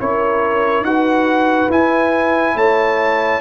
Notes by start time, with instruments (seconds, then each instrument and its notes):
0.00 tuba C#4, trombone E4, horn A#4, trumpet C#5
0.81 tuba D#4, trombone F#4, horn B4, trumpet F#5
1.70 tuba E4, trombone E4, trumpet G#5
2.56 tuba A3, horn C#5, trumpet A5